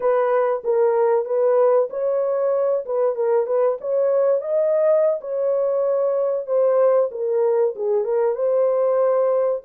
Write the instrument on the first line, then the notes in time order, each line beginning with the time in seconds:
horn
0.00 B4
0.63 A#4
1.25 B4
1.89 C#5
2.85 B4
3.15 A#4
3.46 B4
3.80 C#5
4.41 D#5
5.20 C#5
6.46 C5
7.11 A#4
7.75 G#4
8.04 A#4
8.35 C5